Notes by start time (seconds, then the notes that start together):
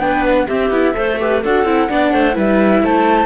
0.00 B3 D4 B4 G5
0.24 F#5
0.47 C4 G4 E5
0.71 B3 E4
0.95 A3 A4 C5
1.20 G4 B4
1.43 D4 F#4 A4 F#5
1.65 C4 E4
1.89 B3 D4 D5
2.13 A3 C5
2.34 G3 E4 B4 E5
2.83 A3 C5 A5